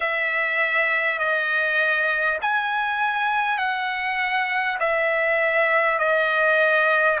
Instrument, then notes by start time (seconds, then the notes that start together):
trumpet
0.00 E5
1.18 D#5
2.41 G#5
3.57 F#5
4.79 E5
5.98 D#5